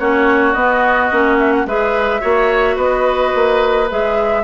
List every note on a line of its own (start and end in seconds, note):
0.00 0.55 A#3
0.00 0.56 C#4
0.00 1.67 F#4
0.00 0.54 C#5
0.54 1.11 B3
0.54 1.12 B3
0.54 1.38 D#5
1.12 1.66 A#3
1.12 1.67 C#4
1.39 1.53 E5
1.53 1.67 F#5
1.66 2.21 G#3
1.66 2.21 G#4
1.66 2.22 B4
1.66 2.78 E5
2.21 2.77 A#3
2.21 3.87 F#4
2.21 2.76 C#5
2.76 3.33 B3
2.76 4.43 B4
2.76 3.89 D#5
3.36 3.91 A#3
3.91 4.45 G#3
3.91 4.45 G#4
3.91 4.45 E5